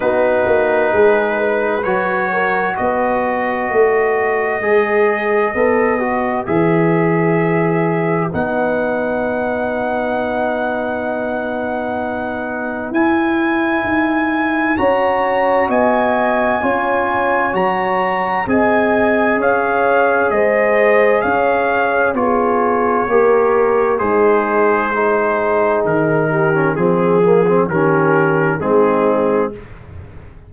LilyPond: <<
  \new Staff \with { instrumentName = "trumpet" } { \time 4/4 \tempo 4 = 65 b'2 cis''4 dis''4~ | dis''2. e''4~ | e''4 fis''2.~ | fis''2 gis''2 |
ais''4 gis''2 ais''4 | gis''4 f''4 dis''4 f''4 | cis''2 c''2 | ais'4 gis'4 ais'4 gis'4 | }
  \new Staff \with { instrumentName = "horn" } { \time 4/4 fis'4 gis'8 b'4 ais'8 b'4~ | b'1~ | b'1~ | b'1 |
cis''4 dis''4 cis''2 | dis''4 cis''4 c''4 cis''4 | gis'4 ais'4 dis'4 gis'4~ | gis'8 g'8 gis'4 g'4 dis'4 | }
  \new Staff \with { instrumentName = "trombone" } { \time 4/4 dis'2 fis'2~ | fis'4 gis'4 a'8 fis'8 gis'4~ | gis'4 dis'2.~ | dis'2 e'2 |
fis'2 f'4 fis'4 | gis'1 | f'4 g'4 gis'4 dis'4~ | dis'8. cis'16 c'8 ais16 c'16 cis'4 c'4 | }
  \new Staff \with { instrumentName = "tuba" } { \time 4/4 b8 ais8 gis4 fis4 b4 | a4 gis4 b4 e4~ | e4 b2.~ | b2 e'4 dis'4 |
cis'4 b4 cis'4 fis4 | c'4 cis'4 gis4 cis'4 | b4 ais4 gis2 | dis4 f4 dis4 gis4 | }
>>